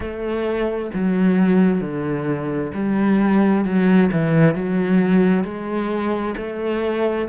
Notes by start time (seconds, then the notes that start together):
0.00 A3
0.93 F#3
1.80 D3
2.74 G3
3.64 F#3
4.12 E3
4.55 F#3
5.43 G#3
6.36 A3